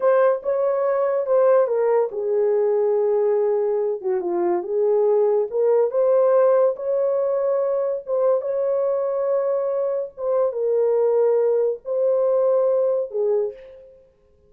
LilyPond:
\new Staff \with { instrumentName = "horn" } { \time 4/4 \tempo 4 = 142 c''4 cis''2 c''4 | ais'4 gis'2.~ | gis'4. fis'8 f'4 gis'4~ | gis'4 ais'4 c''2 |
cis''2. c''4 | cis''1 | c''4 ais'2. | c''2. gis'4 | }